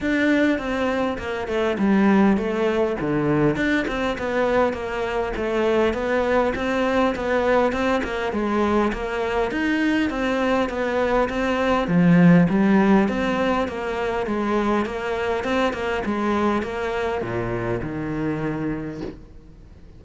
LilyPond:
\new Staff \with { instrumentName = "cello" } { \time 4/4 \tempo 4 = 101 d'4 c'4 ais8 a8 g4 | a4 d4 d'8 c'8 b4 | ais4 a4 b4 c'4 | b4 c'8 ais8 gis4 ais4 |
dis'4 c'4 b4 c'4 | f4 g4 c'4 ais4 | gis4 ais4 c'8 ais8 gis4 | ais4 ais,4 dis2 | }